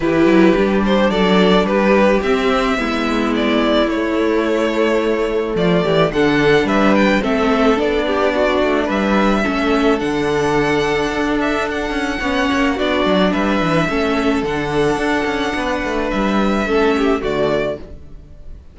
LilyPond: <<
  \new Staff \with { instrumentName = "violin" } { \time 4/4 \tempo 4 = 108 b'4. c''8 d''4 b'4 | e''2 d''4 cis''4~ | cis''2 d''4 fis''4 | e''8 g''8 e''4 d''2 |
e''2 fis''2~ | fis''8 e''8 fis''2 d''4 | e''2 fis''2~ | fis''4 e''2 d''4 | }
  \new Staff \with { instrumentName = "violin" } { \time 4/4 g'2 a'4 g'4~ | g'4 e'2.~ | e'2 f'8 g'8 a'4 | b'4 a'4. g'8 fis'4 |
b'4 a'2.~ | a'2 cis''4 fis'4 | b'4 a'2. | b'2 a'8 g'8 fis'4 | }
  \new Staff \with { instrumentName = "viola" } { \time 4/4 e'4 d'2. | c'4 b2 a4~ | a2. d'4~ | d'4 c'4 d'2~ |
d'4 cis'4 d'2~ | d'2 cis'4 d'4~ | d'4 cis'4 d'2~ | d'2 cis'4 a4 | }
  \new Staff \with { instrumentName = "cello" } { \time 4/4 e8 fis8 g4 fis4 g4 | c'4 gis2 a4~ | a2 f8 e8 d4 | g4 a4 b4. a8 |
g4 a4 d2 | d'4. cis'8 b8 ais8 b8 fis8 | g8 e8 a4 d4 d'8 cis'8 | b8 a8 g4 a4 d4 | }
>>